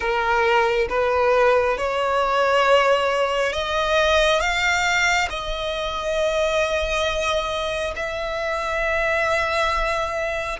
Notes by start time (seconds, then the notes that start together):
0.00 A#4
0.89 B4
1.77 C#5
3.53 D#5
4.40 F5
5.29 D#5
7.96 E5